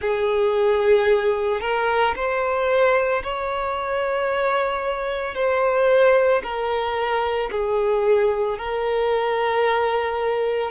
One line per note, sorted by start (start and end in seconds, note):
0.00 1.61 G#4
1.61 2.14 A#4
2.15 3.22 C5
3.23 5.34 C#5
5.34 6.41 C5
6.43 7.50 A#4
7.51 8.58 G#4
8.58 10.70 A#4